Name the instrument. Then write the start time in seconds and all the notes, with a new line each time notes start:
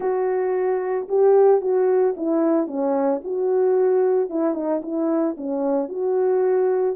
horn
0.00 F#4
1.08 G4
1.61 F#4
2.16 E4
2.67 C#4
3.24 F#4
4.29 E4
4.54 D#4
4.82 E4
5.37 C#4
5.88 F#4